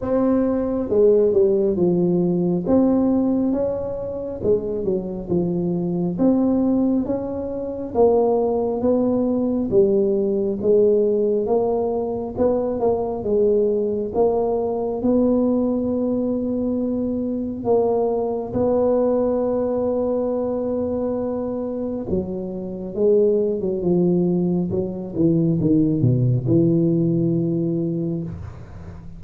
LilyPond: \new Staff \with { instrumentName = "tuba" } { \time 4/4 \tempo 4 = 68 c'4 gis8 g8 f4 c'4 | cis'4 gis8 fis8 f4 c'4 | cis'4 ais4 b4 g4 | gis4 ais4 b8 ais8 gis4 |
ais4 b2. | ais4 b2.~ | b4 fis4 gis8. fis16 f4 | fis8 e8 dis8 b,8 e2 | }